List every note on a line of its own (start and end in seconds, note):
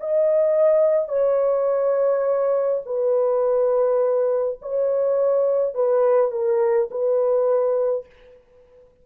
0.00 1.09 D#5
1.09 2.82 C#5
2.85 4.58 B4
4.62 5.74 C#5
5.74 6.31 B4
6.31 6.89 A#4
6.91 8.06 B4